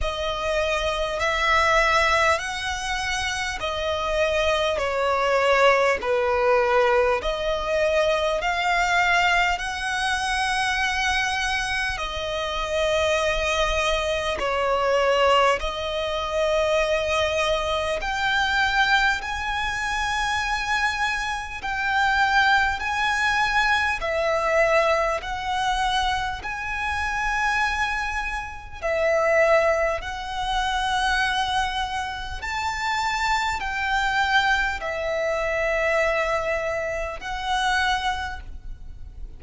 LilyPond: \new Staff \with { instrumentName = "violin" } { \time 4/4 \tempo 4 = 50 dis''4 e''4 fis''4 dis''4 | cis''4 b'4 dis''4 f''4 | fis''2 dis''2 | cis''4 dis''2 g''4 |
gis''2 g''4 gis''4 | e''4 fis''4 gis''2 | e''4 fis''2 a''4 | g''4 e''2 fis''4 | }